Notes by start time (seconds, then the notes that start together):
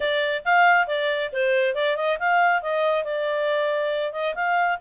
0.00 D5
0.44 F5
0.87 D5
1.32 C5
1.75 D5
1.96 D#5
2.19 F5
2.61 D#5
3.04 D5
4.12 D#5
4.34 F5